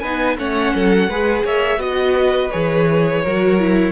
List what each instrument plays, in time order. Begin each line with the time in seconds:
0.00 cello B3, viola D#4, violin B4 G#5
0.38 cello A3, viola C#4, violin C#5 F#5
0.74 cello F#3, violin A4
1.08 cello G#3, viola G#4, violin B4
1.43 cello A#3, violin C#5 E5
1.77 cello B3, viola F#4, violin D#5
2.14 violin B4
2.51 cello E3, viola G#4, violin C#5
3.23 cello F#3, viola F#4, violin A#4
3.59 viola E4